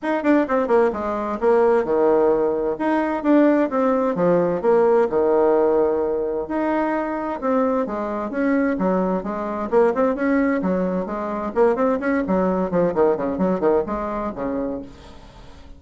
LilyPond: \new Staff \with { instrumentName = "bassoon" } { \time 4/4 \tempo 4 = 130 dis'8 d'8 c'8 ais8 gis4 ais4 | dis2 dis'4 d'4 | c'4 f4 ais4 dis4~ | dis2 dis'2 |
c'4 gis4 cis'4 fis4 | gis4 ais8 c'8 cis'4 fis4 | gis4 ais8 c'8 cis'8 fis4 f8 | dis8 cis8 fis8 dis8 gis4 cis4 | }